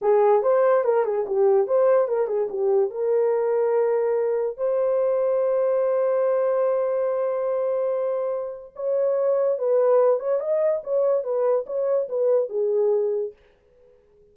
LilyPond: \new Staff \with { instrumentName = "horn" } { \time 4/4 \tempo 4 = 144 gis'4 c''4 ais'8 gis'8 g'4 | c''4 ais'8 gis'8 g'4 ais'4~ | ais'2. c''4~ | c''1~ |
c''1~ | c''4 cis''2 b'4~ | b'8 cis''8 dis''4 cis''4 b'4 | cis''4 b'4 gis'2 | }